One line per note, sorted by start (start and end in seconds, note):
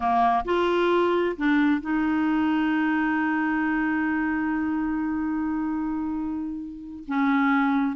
0.00 0.44 A#3
0.44 1.35 F4
1.37 1.80 D4
1.80 7.03 D#4
7.07 7.96 C#4